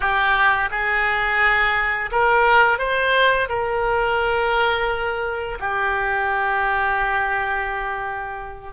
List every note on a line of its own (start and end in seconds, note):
0.00 0.69 G4
0.70 2.10 G#4
2.11 2.78 A#4
2.78 3.48 C5
3.49 5.58 A#4
5.59 8.73 G4